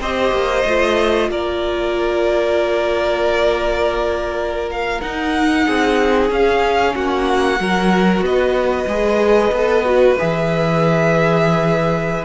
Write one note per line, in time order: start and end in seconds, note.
0.00 0.31 C4
0.00 0.66 G4
0.00 1.29 C5
0.00 1.30 D#5
0.31 0.63 A#3
0.65 1.29 A3
0.65 5.01 F4
1.29 5.00 A#3
1.29 5.65 A#4
1.29 4.69 D5
4.71 5.01 F5
5.01 6.29 D#4
5.01 5.67 D#4
5.01 6.30 F#5
5.65 6.30 C4
5.65 6.94 G#4
6.29 7.56 C#4
6.29 6.94 C#4
6.29 6.95 F5
6.95 7.59 A#3
6.95 7.60 F#4
6.95 8.24 F#5
7.56 8.21 F#3
7.56 8.85 F#4
7.56 8.24 A#4
8.21 8.85 B3
8.21 12.24 B4
8.21 10.18 D#5
8.87 9.51 G#3
8.87 9.53 G#4
9.51 10.16 B3
9.51 9.84 A4
9.84 10.16 F#4
10.18 12.24 E3
10.18 12.24 G#4
10.18 12.24 E5